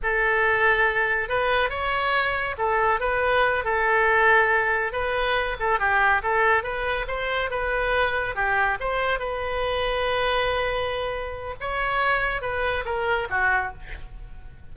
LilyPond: \new Staff \with { instrumentName = "oboe" } { \time 4/4 \tempo 4 = 140 a'2. b'4 | cis''2 a'4 b'4~ | b'8 a'2. b'8~ | b'4 a'8 g'4 a'4 b'8~ |
b'8 c''4 b'2 g'8~ | g'8 c''4 b'2~ b'8~ | b'2. cis''4~ | cis''4 b'4 ais'4 fis'4 | }